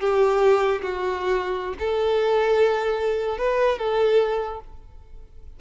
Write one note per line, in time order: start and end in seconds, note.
0.00 0.82 G4
0.82 1.74 F#4
1.79 3.38 A4
3.38 3.78 B4
3.78 4.60 A4